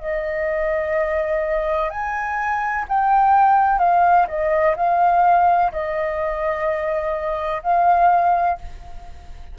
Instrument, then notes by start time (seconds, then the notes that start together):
flute
0.00 D#5
1.90 G#5
2.89 G5
3.79 F5
4.28 D#5
4.77 F5
5.73 D#5
7.63 F5